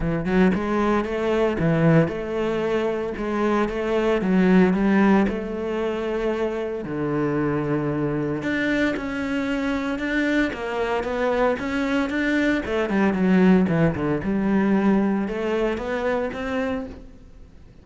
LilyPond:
\new Staff \with { instrumentName = "cello" } { \time 4/4 \tempo 4 = 114 e8 fis8 gis4 a4 e4 | a2 gis4 a4 | fis4 g4 a2~ | a4 d2. |
d'4 cis'2 d'4 | ais4 b4 cis'4 d'4 | a8 g8 fis4 e8 d8 g4~ | g4 a4 b4 c'4 | }